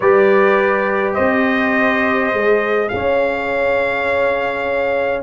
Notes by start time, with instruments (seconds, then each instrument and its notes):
0.00 tuba G3, trombone G4, horn B4, trumpet D5
1.13 tuba C4, horn C5, trumpet D#5
2.32 tuba G#3, trombone G#4
2.88 tuba C#4, trumpet F5
2.95 horn C#5